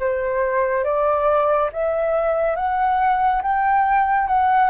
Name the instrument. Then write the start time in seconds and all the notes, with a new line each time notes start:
flute
0.00 C5
0.85 D5
1.73 E5
2.56 F#5
3.43 G5
4.28 F#5